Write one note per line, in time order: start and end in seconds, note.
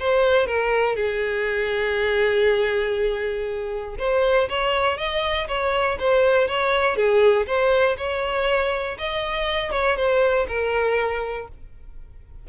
0.00 0.47 C5
0.47 0.96 A#4
0.96 3.96 G#4
3.99 4.49 C5
4.50 4.98 C#5
4.98 5.48 D#5
5.48 5.98 C#5
6.00 6.48 C5
6.48 6.96 C#5
6.96 7.46 G#4
7.47 7.97 C5
7.98 8.98 C#5
8.99 9.72 D#5
9.72 9.97 C#5
9.97 10.47 C5
10.48 11.48 A#4